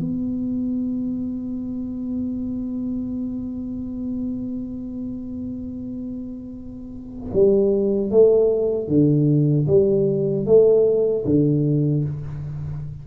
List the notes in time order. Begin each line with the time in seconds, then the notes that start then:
0.00 B3
7.33 G3
8.11 A3
8.88 D3
9.67 G3
10.46 A3
11.26 D3